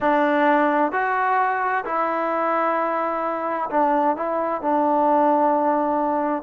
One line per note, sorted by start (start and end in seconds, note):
0.00 0.91 D4
0.91 1.84 F#4
1.85 3.69 E4
3.70 4.16 D4
4.16 4.61 E4
4.61 6.42 D4